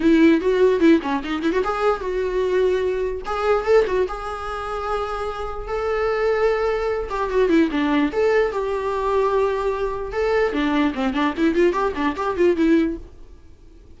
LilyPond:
\new Staff \with { instrumentName = "viola" } { \time 4/4 \tempo 4 = 148 e'4 fis'4 e'8 cis'8 dis'8 e'16 fis'16 | gis'4 fis'2. | gis'4 a'8 fis'8 gis'2~ | gis'2 a'2~ |
a'4. g'8 fis'8 e'8 d'4 | a'4 g'2.~ | g'4 a'4 d'4 c'8 d'8 | e'8 f'8 g'8 d'8 g'8 f'8 e'4 | }